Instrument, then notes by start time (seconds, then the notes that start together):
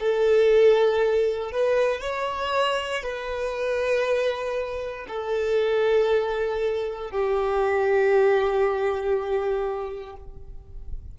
violin
0.00 A4
1.52 B4
2.01 C#5
3.03 B4
5.08 A4
7.11 G4